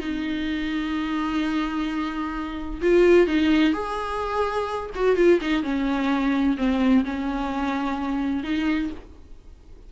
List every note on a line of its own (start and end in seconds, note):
0.00 2.81 D#4
2.82 3.27 F4
3.27 3.73 D#4
3.73 4.90 G#4
4.95 5.16 F#4
5.16 5.40 F4
5.41 5.63 D#4
5.63 6.57 C#4
6.58 7.05 C4
7.05 8.44 C#4
8.44 8.91 D#4